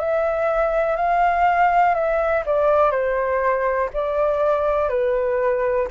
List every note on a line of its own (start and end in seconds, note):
0.00 0.97 E5
0.97 1.95 F5
1.95 2.44 E5
2.46 2.92 D5
2.92 3.90 C5
3.94 4.90 D5
4.90 5.88 B4